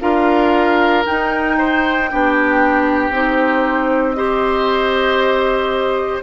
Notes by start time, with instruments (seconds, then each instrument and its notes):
0.00 bassoon D4, clarinet F4, oboe A#4, flute F5
1.05 clarinet D#4, bassoon D#4, flute G5
1.58 oboe C5
2.10 bassoon B3, clarinet D4, oboe G4
3.09 bassoon C4, clarinet D#4, flute C5
4.13 clarinet G4, oboe C5, flute D#5